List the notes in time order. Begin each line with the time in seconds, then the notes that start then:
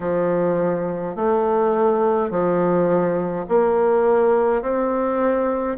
0.00 F3
1.15 A3
2.30 F3
3.48 A#3
4.62 C4